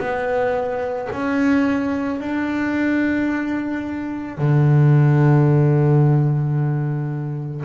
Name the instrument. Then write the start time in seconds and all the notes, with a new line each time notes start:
double bass
0.00 B3
1.13 C#4
2.21 D4
4.38 D3